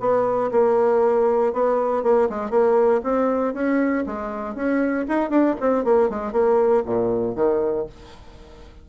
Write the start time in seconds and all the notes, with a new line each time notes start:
0.00 B3
0.52 A#3
1.53 B3
2.03 A#3
2.30 G#3
2.51 A#3
3.04 C4
3.54 C#4
4.06 G#3
4.55 C#4
5.08 D#4
5.30 D4
5.60 C4
5.85 A#3
6.10 G#3
6.33 A#3
6.86 A#2
7.36 D#3